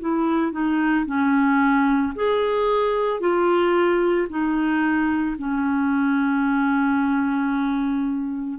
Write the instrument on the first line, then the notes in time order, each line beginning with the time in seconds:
clarinet
0.00 E4
0.52 D#4
1.06 C#4
2.16 G#4
3.20 F4
4.29 D#4
5.38 C#4